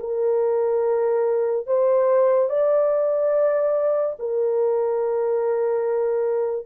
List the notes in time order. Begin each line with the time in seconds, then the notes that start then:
0.00 A#4
1.67 C5
2.49 D5
4.19 A#4